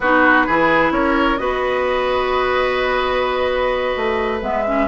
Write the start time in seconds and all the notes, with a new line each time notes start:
0.00 B3 D#4 F#4 B4
0.46 E3 E4 G#4
0.91 C#4 A#4 C#5
1.37 B3 F#4 B4 D#5
3.96 A3
4.41 G#3 B3 E5
4.66 C#4